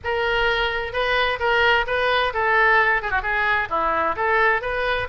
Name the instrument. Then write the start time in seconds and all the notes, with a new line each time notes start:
oboe
0.04 A#4
0.92 B4
1.39 A#4
1.87 B4
2.33 A4
3.01 G#4
3.10 F#4
3.22 G#4
3.69 E4
4.16 A4
4.61 B4